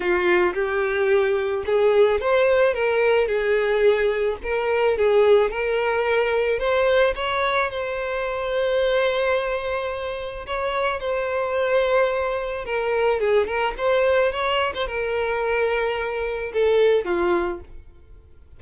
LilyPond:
\new Staff \with { instrumentName = "violin" } { \time 4/4 \tempo 4 = 109 f'4 g'2 gis'4 | c''4 ais'4 gis'2 | ais'4 gis'4 ais'2 | c''4 cis''4 c''2~ |
c''2. cis''4 | c''2. ais'4 | gis'8 ais'8 c''4 cis''8. c''16 ais'4~ | ais'2 a'4 f'4 | }